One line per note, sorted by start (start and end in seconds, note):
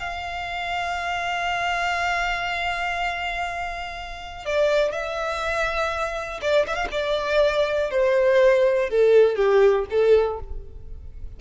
0.00 4.46 F5
4.46 4.92 D5
4.92 6.41 E5
6.42 6.67 D5
6.68 6.76 E5
6.76 6.88 F5
6.92 7.91 D5
7.91 8.90 C5
8.90 9.36 A4
9.36 9.86 G4
9.90 10.40 A4